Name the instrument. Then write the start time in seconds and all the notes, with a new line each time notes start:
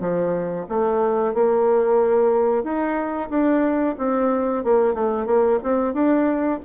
bassoon
0.00 F3
0.69 A3
1.34 A#3
2.64 D#4
3.30 D4
3.98 C4
4.64 A#3
4.95 A3
5.26 A#3
5.63 C4
5.94 D4